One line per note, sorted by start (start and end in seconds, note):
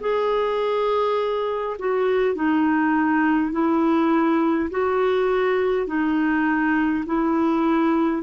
0.00 1.76 G#4
1.79 2.35 F#4
2.35 3.52 D#4
3.52 4.70 E4
4.70 5.87 F#4
5.87 7.04 D#4
7.06 8.22 E4